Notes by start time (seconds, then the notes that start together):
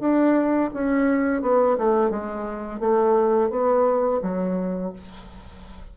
0.00 D4
0.74 C#4
1.42 B3
1.78 A3
2.10 G#3
2.80 A3
3.51 B3
4.22 F#3